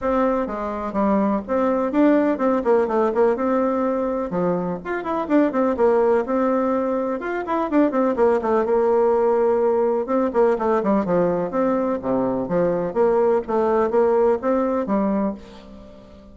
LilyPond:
\new Staff \with { instrumentName = "bassoon" } { \time 4/4 \tempo 4 = 125 c'4 gis4 g4 c'4 | d'4 c'8 ais8 a8 ais8 c'4~ | c'4 f4 f'8 e'8 d'8 c'8 | ais4 c'2 f'8 e'8 |
d'8 c'8 ais8 a8 ais2~ | ais4 c'8 ais8 a8 g8 f4 | c'4 c4 f4 ais4 | a4 ais4 c'4 g4 | }